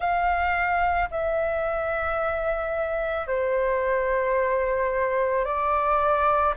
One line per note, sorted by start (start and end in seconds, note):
0.00 1.09 F5
1.11 3.27 E5
3.27 5.44 C5
5.44 6.54 D5